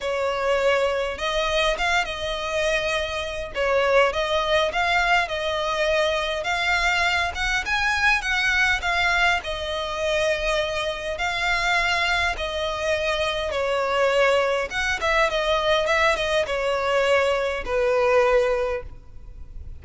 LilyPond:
\new Staff \with { instrumentName = "violin" } { \time 4/4 \tempo 4 = 102 cis''2 dis''4 f''8 dis''8~ | dis''2 cis''4 dis''4 | f''4 dis''2 f''4~ | f''8 fis''8 gis''4 fis''4 f''4 |
dis''2. f''4~ | f''4 dis''2 cis''4~ | cis''4 fis''8 e''8 dis''4 e''8 dis''8 | cis''2 b'2 | }